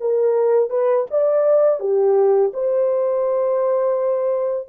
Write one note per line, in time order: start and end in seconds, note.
0.00 0.70 A#4
0.70 1.06 B4
1.10 1.79 D5
1.79 2.52 G4
2.53 4.68 C5